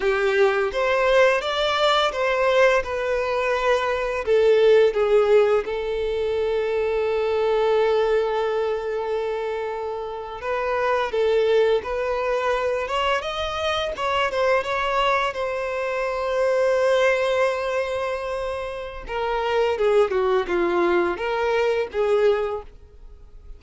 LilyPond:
\new Staff \with { instrumentName = "violin" } { \time 4/4 \tempo 4 = 85 g'4 c''4 d''4 c''4 | b'2 a'4 gis'4 | a'1~ | a'2~ a'8. b'4 a'16~ |
a'8. b'4. cis''8 dis''4 cis''16~ | cis''16 c''8 cis''4 c''2~ c''16~ | c''2. ais'4 | gis'8 fis'8 f'4 ais'4 gis'4 | }